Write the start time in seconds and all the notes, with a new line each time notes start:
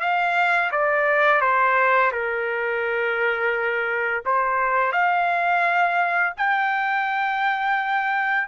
0.00 F5
0.71 D5
1.41 C5
2.12 A#4
4.25 C5
4.92 F5
6.37 G5